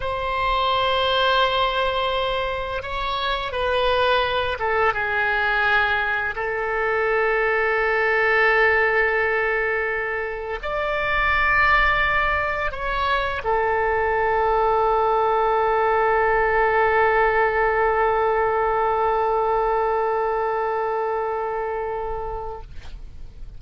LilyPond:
\new Staff \with { instrumentName = "oboe" } { \time 4/4 \tempo 4 = 85 c''1 | cis''4 b'4. a'8 gis'4~ | gis'4 a'2.~ | a'2. d''4~ |
d''2 cis''4 a'4~ | a'1~ | a'1~ | a'1 | }